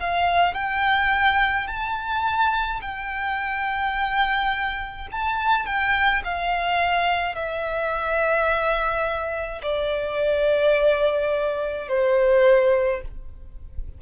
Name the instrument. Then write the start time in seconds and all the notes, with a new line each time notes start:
violin
0.00 F5
0.54 G5
1.67 A5
2.81 G5
5.11 A5
5.66 G5
6.24 F5
7.35 E5
9.62 D5
11.88 C5